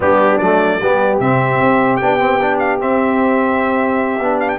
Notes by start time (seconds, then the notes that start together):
0.00 G3 B3 D4 G4
0.38 F#3 A3 D5
0.81 G3 B3 G4
1.20 C3 C4 E5
1.60 C4
1.96 B3 D4 G5
2.19 C4
2.41 D4
2.58 F5
2.79 C4 E5
4.20 B3 D4
4.40 F5
4.48 G5